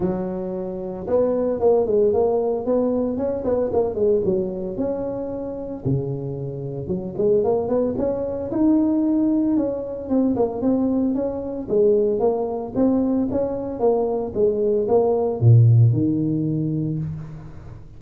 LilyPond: \new Staff \with { instrumentName = "tuba" } { \time 4/4 \tempo 4 = 113 fis2 b4 ais8 gis8 | ais4 b4 cis'8 b8 ais8 gis8 | fis4 cis'2 cis4~ | cis4 fis8 gis8 ais8 b8 cis'4 |
dis'2 cis'4 c'8 ais8 | c'4 cis'4 gis4 ais4 | c'4 cis'4 ais4 gis4 | ais4 ais,4 dis2 | }